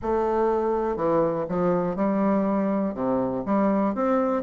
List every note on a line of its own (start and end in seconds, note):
0.02 0.96 A3
0.96 1.45 E3
1.48 1.96 F3
1.96 2.94 G3
2.94 3.43 C3
3.45 3.94 G3
3.95 4.42 C4